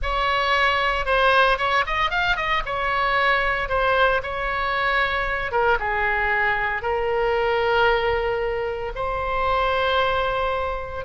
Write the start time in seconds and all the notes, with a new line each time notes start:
0.02 C#5
1.05 C5
1.58 C#5
1.86 D#5
2.10 F5
2.36 D#5
2.65 C#5
3.68 C5
4.22 C#5
5.51 A#4
5.79 G#4
6.82 A#4
8.95 C5